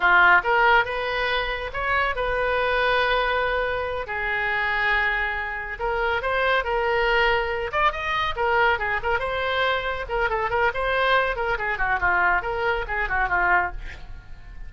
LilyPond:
\new Staff \with { instrumentName = "oboe" } { \time 4/4 \tempo 4 = 140 f'4 ais'4 b'2 | cis''4 b'2.~ | b'4. gis'2~ gis'8~ | gis'4. ais'4 c''4 ais'8~ |
ais'2 d''8 dis''4 ais'8~ | ais'8 gis'8 ais'8 c''2 ais'8 | a'8 ais'8 c''4. ais'8 gis'8 fis'8 | f'4 ais'4 gis'8 fis'8 f'4 | }